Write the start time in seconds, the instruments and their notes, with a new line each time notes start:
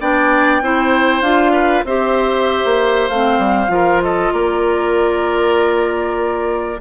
0.00 bassoon B3, clarinet D4, oboe D5, flute G5
0.62 bassoon C4, clarinet E4, oboe C5
1.22 bassoon D4, clarinet F4, flute F5
1.53 oboe B4
1.84 bassoon C4, clarinet G4, oboe C5, flute E5
2.65 bassoon A#3
3.09 bassoon A3, clarinet C4, flute F5
3.38 bassoon G3
3.68 bassoon F3, clarinet F4
3.74 oboe A#4
4.02 oboe A4, flute D#5
4.33 bassoon A#3, oboe A#4, flute D5